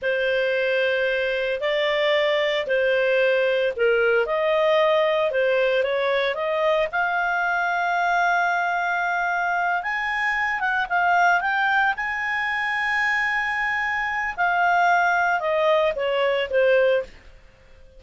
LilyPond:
\new Staff \with { instrumentName = "clarinet" } { \time 4/4 \tempo 4 = 113 c''2. d''4~ | d''4 c''2 ais'4 | dis''2 c''4 cis''4 | dis''4 f''2.~ |
f''2~ f''8 gis''4. | fis''8 f''4 g''4 gis''4.~ | gis''2. f''4~ | f''4 dis''4 cis''4 c''4 | }